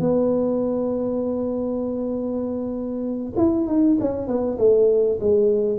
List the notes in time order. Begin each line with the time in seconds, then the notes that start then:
0.00 B3
3.37 E4
3.67 D#4
4.01 C#4
4.28 B3
4.59 A3
5.20 G#3